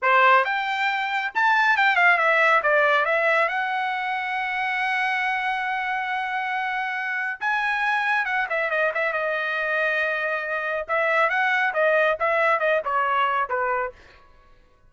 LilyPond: \new Staff \with { instrumentName = "trumpet" } { \time 4/4 \tempo 4 = 138 c''4 g''2 a''4 | g''8 f''8 e''4 d''4 e''4 | fis''1~ | fis''1~ |
fis''4 gis''2 fis''8 e''8 | dis''8 e''8 dis''2.~ | dis''4 e''4 fis''4 dis''4 | e''4 dis''8 cis''4. b'4 | }